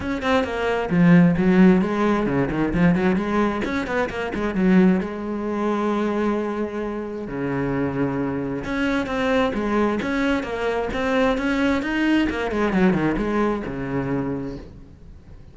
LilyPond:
\new Staff \with { instrumentName = "cello" } { \time 4/4 \tempo 4 = 132 cis'8 c'8 ais4 f4 fis4 | gis4 cis8 dis8 f8 fis8 gis4 | cis'8 b8 ais8 gis8 fis4 gis4~ | gis1 |
cis2. cis'4 | c'4 gis4 cis'4 ais4 | c'4 cis'4 dis'4 ais8 gis8 | fis8 dis8 gis4 cis2 | }